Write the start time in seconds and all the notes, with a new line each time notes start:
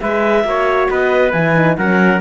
0.00 G#3 G#4 B4 E5
0.44 A#3 F#4 C#5
0.90 B3 B4 D#5
1.31 E3 E4 G#5
1.55 D#4
1.77 F#3 C#4 A#4 F#5